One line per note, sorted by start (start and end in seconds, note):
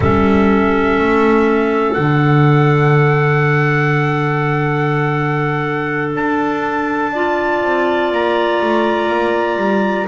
0.00 0.98 G3
0.00 1.95 C#4
0.00 7.11 A4
0.00 1.93 E5
0.99 1.97 A3
1.93 6.15 D3
1.93 7.12 D4
1.93 6.11 F#5
6.15 7.62 D4
6.15 8.12 A5
7.12 10.07 F4
7.12 10.07 D5
7.62 8.11 C4
8.11 8.60 A#3
8.11 10.07 A#5
8.61 9.07 A3
9.07 9.56 A#3
9.56 10.05 G3